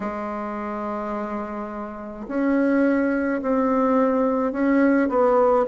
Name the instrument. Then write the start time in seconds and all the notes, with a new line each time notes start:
bassoon
0.00 G#3
2.27 C#4
3.42 C4
4.52 C#4
5.09 B3